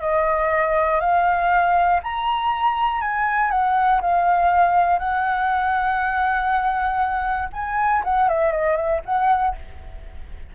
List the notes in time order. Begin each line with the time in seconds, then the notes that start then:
0.00 D#5
1.00 F5
2.03 A#5
3.01 G#5
3.50 F#5
4.01 F5
4.99 F#5
7.52 G#5
8.04 F#5
8.28 E5
8.51 D#5
8.76 E5
9.05 F#5